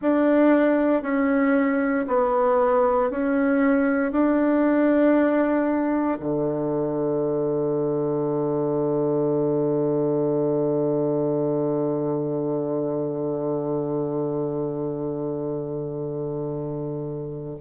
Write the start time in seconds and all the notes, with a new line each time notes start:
0.01 D4
1.02 C#4
2.07 B3
3.10 C#4
4.11 D4
6.19 D3